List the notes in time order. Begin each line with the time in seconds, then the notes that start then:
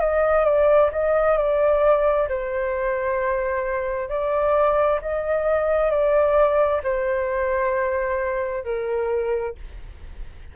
0.00 D#5
0.44 D5
0.92 D#5
1.37 D5
2.29 C5
4.09 D5
5.01 D#5
5.90 D5
6.83 C5
8.64 A#4